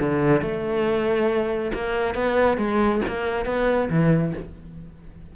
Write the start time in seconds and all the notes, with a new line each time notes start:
0.00 D3
0.41 A3
1.74 A#3
2.15 B3
2.58 G#3
3.08 A#3
3.45 B3
3.90 E3